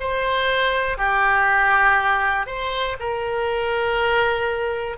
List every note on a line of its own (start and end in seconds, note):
0.00 0.98 C5
0.98 2.46 G4
2.46 2.96 C5
3.00 4.97 A#4